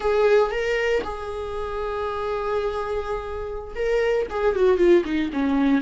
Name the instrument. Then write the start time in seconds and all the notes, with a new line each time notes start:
viola
0.00 G#4
0.51 A#4
1.03 G#4
3.75 A#4
4.30 G#4
4.55 F#4
4.77 F4
5.04 D#4
5.33 C#4